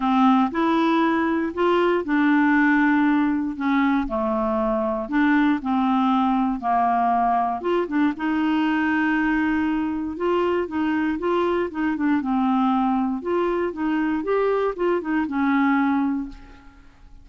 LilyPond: \new Staff \with { instrumentName = "clarinet" } { \time 4/4 \tempo 4 = 118 c'4 e'2 f'4 | d'2. cis'4 | a2 d'4 c'4~ | c'4 ais2 f'8 d'8 |
dis'1 | f'4 dis'4 f'4 dis'8 d'8 | c'2 f'4 dis'4 | g'4 f'8 dis'8 cis'2 | }